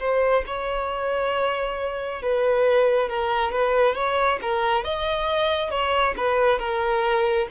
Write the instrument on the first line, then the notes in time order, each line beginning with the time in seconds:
violin
0.00 C5
0.47 C#5
2.22 B4
3.09 A#4
3.52 B4
3.95 C#5
4.42 A#4
4.84 D#5
5.71 C#5
6.17 B4
6.59 A#4